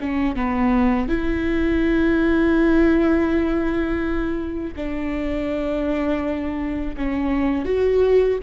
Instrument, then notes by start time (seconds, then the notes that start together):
viola
0.00 C#4
0.35 B3
1.08 E4
4.76 D4
6.96 C#4
7.65 F#4